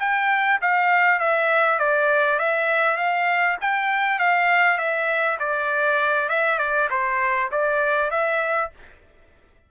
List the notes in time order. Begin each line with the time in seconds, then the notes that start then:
0.00 G5
0.62 F5
1.20 E5
1.79 D5
2.39 E5
2.98 F5
3.61 G5
4.19 F5
4.78 E5
5.40 D5
6.29 E5
6.59 D5
6.91 C5
7.52 D5
8.11 E5